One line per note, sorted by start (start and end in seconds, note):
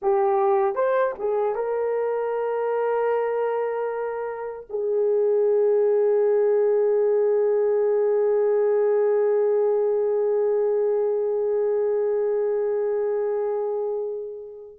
0.02 0.75 G4
0.75 1.14 C5
1.19 1.55 G#4
1.55 4.66 A#4
4.69 14.79 G#4